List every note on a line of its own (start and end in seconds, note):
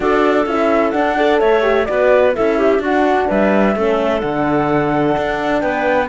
0.00 0.46 D4
0.00 0.45 F#4
0.00 1.17 A4
0.00 0.46 D5
0.46 0.92 C#4
0.46 0.93 E4
0.46 0.90 E5
0.90 1.16 D4
0.90 1.41 D4
0.90 1.37 F#5
1.17 1.62 A4
1.17 1.39 D5
1.39 1.88 A3
1.39 1.86 C#5
1.39 1.85 E5
1.62 1.85 G4
1.85 2.35 B3
1.85 2.34 F#4
1.85 2.35 B4
1.85 2.32 D5
2.34 2.79 C#4
2.34 2.81 E4
2.34 2.58 A4
2.34 2.82 E5
2.58 2.81 G4
2.79 3.25 D4
2.79 3.75 D4
2.79 3.28 F#4
2.79 3.30 F#5
3.28 3.75 G3
3.28 3.74 B4
3.28 4.20 E5
3.75 4.22 A3
3.75 4.20 C#4
3.75 5.61 A4
4.20 5.16 D3
4.20 6.08 D4
4.20 5.61 F#5
5.17 5.62 D4
5.61 6.09 B3
5.61 6.08 B4
5.61 6.08 G5